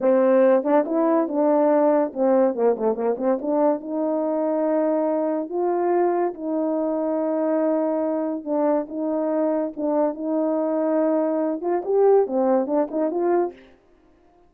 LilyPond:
\new Staff \with { instrumentName = "horn" } { \time 4/4 \tempo 4 = 142 c'4. d'8 e'4 d'4~ | d'4 c'4 ais8 a8 ais8 c'8 | d'4 dis'2.~ | dis'4 f'2 dis'4~ |
dis'1 | d'4 dis'2 d'4 | dis'2.~ dis'8 f'8 | g'4 c'4 d'8 dis'8 f'4 | }